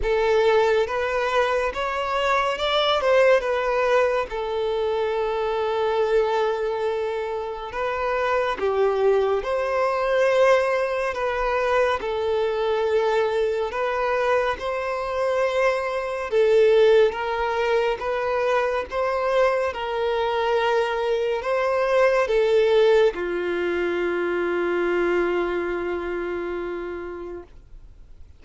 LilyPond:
\new Staff \with { instrumentName = "violin" } { \time 4/4 \tempo 4 = 70 a'4 b'4 cis''4 d''8 c''8 | b'4 a'2.~ | a'4 b'4 g'4 c''4~ | c''4 b'4 a'2 |
b'4 c''2 a'4 | ais'4 b'4 c''4 ais'4~ | ais'4 c''4 a'4 f'4~ | f'1 | }